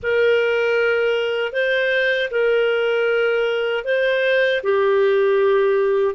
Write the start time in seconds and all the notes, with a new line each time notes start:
0.02 A#4
1.52 C5
2.30 A#4
3.84 C5
4.63 G4